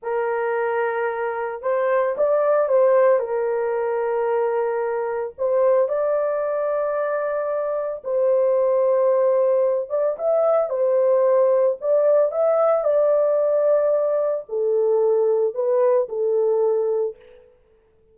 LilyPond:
\new Staff \with { instrumentName = "horn" } { \time 4/4 \tempo 4 = 112 ais'2. c''4 | d''4 c''4 ais'2~ | ais'2 c''4 d''4~ | d''2. c''4~ |
c''2~ c''8 d''8 e''4 | c''2 d''4 e''4 | d''2. a'4~ | a'4 b'4 a'2 | }